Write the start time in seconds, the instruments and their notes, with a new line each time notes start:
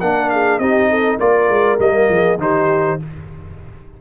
0.00 tuba A#3, trombone D4, horn A#4, trumpet F#5
0.29 horn G#4, trumpet F5
0.59 tuba C4, trombone D#4, horn G4, trumpet D#5
0.90 horn A4
1.19 tuba A#3, trombone F4, horn A#4, trumpet D5
1.49 tuba G#3
1.79 tuba G3, trombone A#3, trumpet D#5
2.09 tuba F3, horn G#4
2.38 tuba D#3, trombone D#4, horn G4, trumpet C5